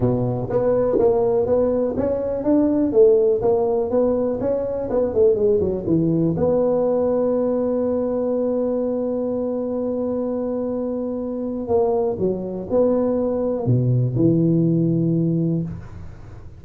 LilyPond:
\new Staff \with { instrumentName = "tuba" } { \time 4/4 \tempo 4 = 123 b,4 b4 ais4 b4 | cis'4 d'4 a4 ais4 | b4 cis'4 b8 a8 gis8 fis8 | e4 b2.~ |
b1~ | b1 | ais4 fis4 b2 | b,4 e2. | }